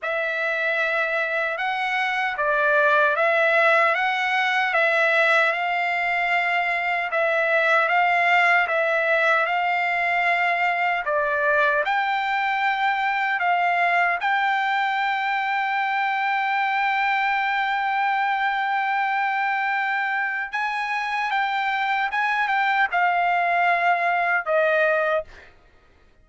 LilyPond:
\new Staff \with { instrumentName = "trumpet" } { \time 4/4 \tempo 4 = 76 e''2 fis''4 d''4 | e''4 fis''4 e''4 f''4~ | f''4 e''4 f''4 e''4 | f''2 d''4 g''4~ |
g''4 f''4 g''2~ | g''1~ | g''2 gis''4 g''4 | gis''8 g''8 f''2 dis''4 | }